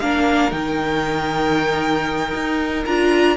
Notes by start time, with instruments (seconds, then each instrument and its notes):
0.00 cello A#3, viola D4, violin A#4 F5
0.52 cello D#3, viola D#4, violin G5
2.34 cello D#4
2.85 cello D4, viola F4, violin A#5